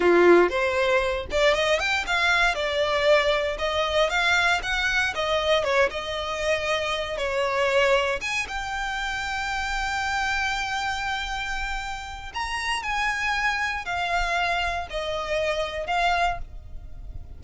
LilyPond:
\new Staff \with { instrumentName = "violin" } { \time 4/4 \tempo 4 = 117 f'4 c''4. d''8 dis''8 g''8 | f''4 d''2 dis''4 | f''4 fis''4 dis''4 cis''8 dis''8~ | dis''2 cis''2 |
gis''8 g''2.~ g''8~ | g''1 | ais''4 gis''2 f''4~ | f''4 dis''2 f''4 | }